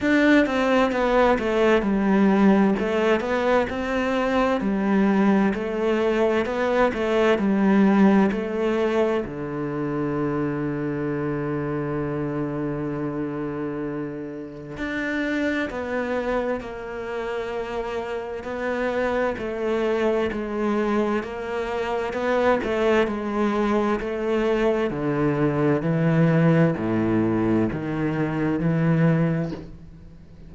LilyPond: \new Staff \with { instrumentName = "cello" } { \time 4/4 \tempo 4 = 65 d'8 c'8 b8 a8 g4 a8 b8 | c'4 g4 a4 b8 a8 | g4 a4 d2~ | d1 |
d'4 b4 ais2 | b4 a4 gis4 ais4 | b8 a8 gis4 a4 d4 | e4 a,4 dis4 e4 | }